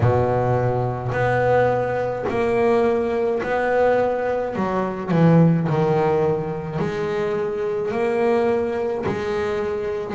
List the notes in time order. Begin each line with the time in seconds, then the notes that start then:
0.00 B2
1.12 B3
2.28 A#3
3.43 B3
4.55 F#3
5.11 E3
5.69 D#3
6.78 G#3
7.91 A#3
9.06 G#3